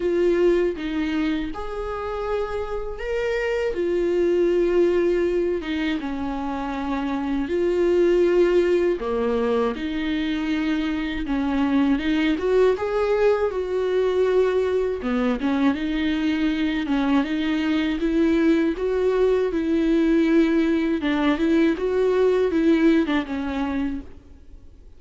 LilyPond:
\new Staff \with { instrumentName = "viola" } { \time 4/4 \tempo 4 = 80 f'4 dis'4 gis'2 | ais'4 f'2~ f'8 dis'8 | cis'2 f'2 | ais4 dis'2 cis'4 |
dis'8 fis'8 gis'4 fis'2 | b8 cis'8 dis'4. cis'8 dis'4 | e'4 fis'4 e'2 | d'8 e'8 fis'4 e'8. d'16 cis'4 | }